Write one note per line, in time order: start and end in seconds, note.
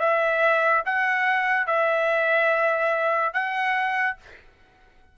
0.00 0.83 E5
0.86 1.67 F#5
1.67 3.33 E5
3.34 4.17 F#5